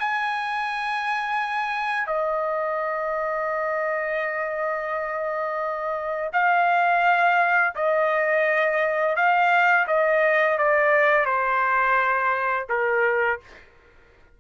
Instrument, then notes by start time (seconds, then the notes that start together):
trumpet
0.00 G#5
2.07 D#5
6.33 F5
7.76 D#5
9.16 F5
9.88 D#5
10.59 D5
11.26 C5
12.70 A#4